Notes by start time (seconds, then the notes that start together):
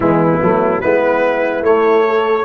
0.00 E3 G#3 B3 E4
0.41 F#3 A3
0.80 G#3 B3 E4 B4
1.61 A3 C#5
2.06 A4